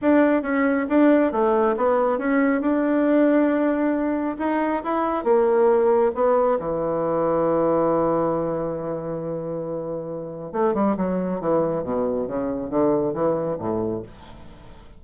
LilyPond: \new Staff \with { instrumentName = "bassoon" } { \time 4/4 \tempo 4 = 137 d'4 cis'4 d'4 a4 | b4 cis'4 d'2~ | d'2 dis'4 e'4 | ais2 b4 e4~ |
e1~ | e1 | a8 g8 fis4 e4 b,4 | cis4 d4 e4 a,4 | }